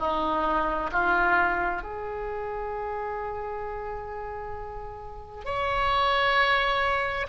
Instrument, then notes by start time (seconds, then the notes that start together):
oboe
0.00 D#4
0.93 F4
1.83 G#4
5.45 C#5